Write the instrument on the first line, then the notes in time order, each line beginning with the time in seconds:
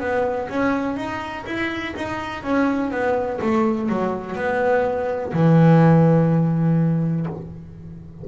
double bass
0.00 B3
0.49 C#4
0.97 D#4
1.46 E4
1.96 D#4
2.43 C#4
2.91 B3
3.42 A3
3.89 F#3
4.36 B3
5.33 E3